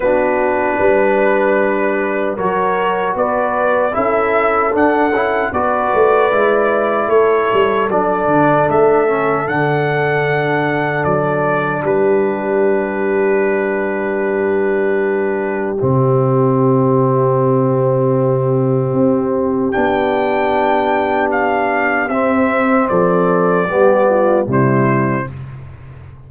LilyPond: <<
  \new Staff \with { instrumentName = "trumpet" } { \time 4/4 \tempo 4 = 76 b'2. cis''4 | d''4 e''4 fis''4 d''4~ | d''4 cis''4 d''4 e''4 | fis''2 d''4 b'4~ |
b'1 | e''1~ | e''4 g''2 f''4 | e''4 d''2 c''4 | }
  \new Staff \with { instrumentName = "horn" } { \time 4/4 fis'4 b'2 ais'4 | b'4 a'2 b'4~ | b'4 a'2.~ | a'2. g'4~ |
g'1~ | g'1~ | g'1~ | g'4 a'4 g'8 f'8 e'4 | }
  \new Staff \with { instrumentName = "trombone" } { \time 4/4 d'2. fis'4~ | fis'4 e'4 d'8 e'8 fis'4 | e'2 d'4. cis'8 | d'1~ |
d'1 | c'1~ | c'4 d'2. | c'2 b4 g4 | }
  \new Staff \with { instrumentName = "tuba" } { \time 4/4 b4 g2 fis4 | b4 cis'4 d'8 cis'8 b8 a8 | gis4 a8 g8 fis8 d8 a4 | d2 fis4 g4~ |
g1 | c1 | c'4 b2. | c'4 f4 g4 c4 | }
>>